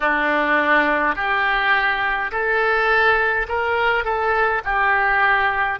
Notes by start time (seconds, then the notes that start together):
0.00 D4
1.15 G4
2.31 A4
3.48 A#4
4.04 A4
4.64 G4